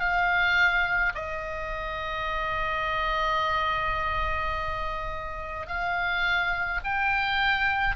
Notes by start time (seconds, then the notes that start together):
0.00 F5
1.15 D#5
5.68 F5
6.84 G5